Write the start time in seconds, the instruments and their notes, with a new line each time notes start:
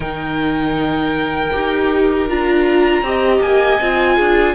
0.00 cello D#3, viola D#4, violin A#4 G5
1.52 cello D#4, viola G4
2.28 cello D4, viola F4, violin A#5
3.02 cello C4, viola G4, violin D#5
3.41 cello A#3, violin G#5
3.80 cello C4, viola F4
4.16 cello D4, violin G#4